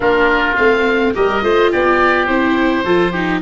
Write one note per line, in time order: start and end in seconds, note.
0.00 0.57 A#3
0.00 0.55 D4
0.00 1.13 F4
0.00 0.55 A#4
0.55 1.15 A3
0.55 1.14 C4
0.55 1.13 F5
1.14 1.42 G3
1.14 1.42 G4
1.14 1.43 A#4
1.14 1.72 D#5
1.42 1.71 A3
1.42 2.27 F4
1.42 1.71 C5
1.71 2.28 B3
1.71 2.84 G4
1.71 2.26 D5
2.26 2.84 C4
2.26 2.85 E4
2.26 3.40 C5
2.84 3.41 F3
2.84 3.14 F4
2.84 3.11 A4
3.11 3.41 D#4
3.11 3.40 G4